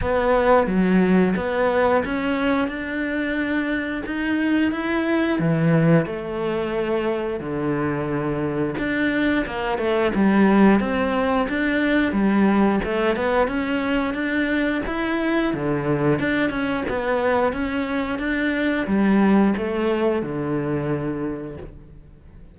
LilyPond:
\new Staff \with { instrumentName = "cello" } { \time 4/4 \tempo 4 = 89 b4 fis4 b4 cis'4 | d'2 dis'4 e'4 | e4 a2 d4~ | d4 d'4 ais8 a8 g4 |
c'4 d'4 g4 a8 b8 | cis'4 d'4 e'4 d4 | d'8 cis'8 b4 cis'4 d'4 | g4 a4 d2 | }